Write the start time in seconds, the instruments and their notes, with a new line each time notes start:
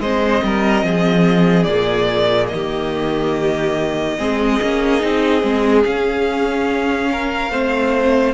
0.00 cello G#3, viola C4, violin C5 D#5
0.43 cello G3, violin A#4
0.84 cello F3, violin G#4
1.64 cello A#2, viola A#3, violin D5
2.49 cello D#3, violin D#5
2.55 violin G4
4.18 cello G#3, viola C4, violin G#4
4.62 cello A#3, viola C#4
5.00 cello C4, viola D#4
5.41 cello G#3, viola C4
5.84 viola C#4, cello C#4, violin F5
7.12 violin A#4
7.51 cello A3, viola C4, violin C5